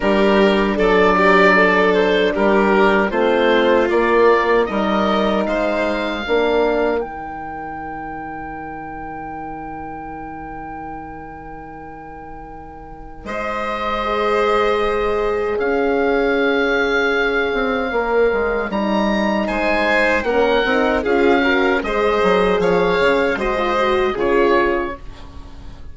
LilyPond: <<
  \new Staff \with { instrumentName = "oboe" } { \time 4/4 \tempo 4 = 77 ais'4 d''4. c''8 ais'4 | c''4 d''4 dis''4 f''4~ | f''4 g''2.~ | g''1~ |
g''4 dis''2. | f''1 | ais''4 gis''4 fis''4 f''4 | dis''4 f''4 dis''4 cis''4 | }
  \new Staff \with { instrumentName = "violin" } { \time 4/4 g'4 a'8 g'8 a'4 g'4 | f'2 ais'4 c''4 | ais'1~ | ais'1~ |
ais'4 c''2. | cis''1~ | cis''4 c''4 ais'4 gis'8 ais'8 | c''4 cis''4 c''4 gis'4 | }
  \new Staff \with { instrumentName = "horn" } { \time 4/4 d'1 | c'4 ais4 dis'2 | d'4 dis'2.~ | dis'1~ |
dis'2 gis'2~ | gis'2. ais'4 | dis'2 cis'8 dis'8 f'8 fis'8 | gis'2 fis'16 f'16 fis'8 f'4 | }
  \new Staff \with { instrumentName = "bassoon" } { \time 4/4 g4 fis2 g4 | a4 ais4 g4 gis4 | ais4 dis2.~ | dis1~ |
dis4 gis2. | cis'2~ cis'8 c'8 ais8 gis8 | g4 gis4 ais8 c'8 cis'4 | gis8 fis8 f8 cis8 gis4 cis4 | }
>>